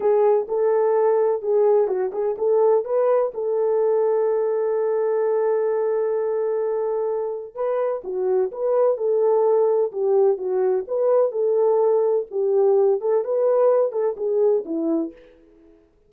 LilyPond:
\new Staff \with { instrumentName = "horn" } { \time 4/4 \tempo 4 = 127 gis'4 a'2 gis'4 | fis'8 gis'8 a'4 b'4 a'4~ | a'1~ | a'1 |
b'4 fis'4 b'4 a'4~ | a'4 g'4 fis'4 b'4 | a'2 g'4. a'8 | b'4. a'8 gis'4 e'4 | }